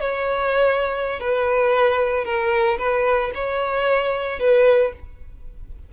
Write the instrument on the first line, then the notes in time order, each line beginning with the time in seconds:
violin
0.00 C#5
1.20 B4
2.25 A#4
2.78 B4
3.35 C#5
4.39 B4